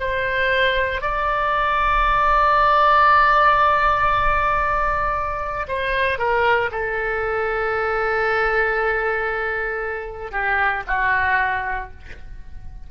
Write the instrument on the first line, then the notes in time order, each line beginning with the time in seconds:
oboe
0.00 C5
1.01 D5
5.68 C5
6.18 A#4
6.71 A4
10.32 G4
10.87 F#4